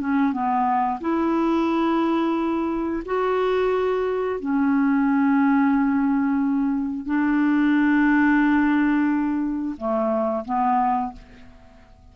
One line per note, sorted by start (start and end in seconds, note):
0.00 0.32 C#4
0.32 1.00 B3
1.01 3.03 E4
3.05 4.39 F#4
4.39 7.05 C#4
7.05 9.75 D4
9.77 10.44 A3
10.45 11.12 B3